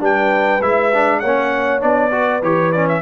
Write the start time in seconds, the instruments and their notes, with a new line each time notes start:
0.00 tuba G3, trombone D4, horn B4, trumpet G5
0.62 tuba G#3, trombone E4, trumpet E5
0.94 trombone D4
1.20 tuba A#3, horn C#5, trumpet F#5
1.26 trombone C#4
1.80 tuba B3, trombone D4, trumpet D5
2.11 trombone F#4, horn B4
2.42 tuba E3, trombone G4, trumpet C#5
2.72 trombone C#4, trumpet D5
2.88 trumpet E5